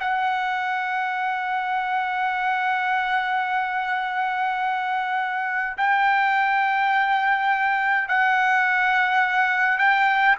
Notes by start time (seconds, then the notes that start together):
0.00 F#5
5.78 G5
8.09 F#5
9.78 G5